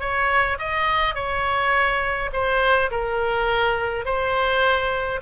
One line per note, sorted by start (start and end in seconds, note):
0.00 0.58 C#5
0.58 1.15 D#5
1.15 2.30 C#5
2.33 2.90 C5
2.91 4.05 A#4
4.05 5.21 C5